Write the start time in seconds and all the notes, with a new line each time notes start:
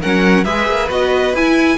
0.00 F#3 C#4 A#4 F#5
0.44 G#3 G#4 B4 E5
0.67 A#3
0.89 B3 F#4 D#5
1.33 E4 G#5